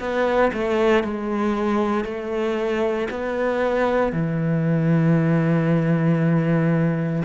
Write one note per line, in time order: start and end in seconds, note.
0.00 0.52 B3
0.54 1.04 A3
1.04 2.05 G#3
2.05 3.08 A3
3.10 4.13 B3
4.13 7.23 E3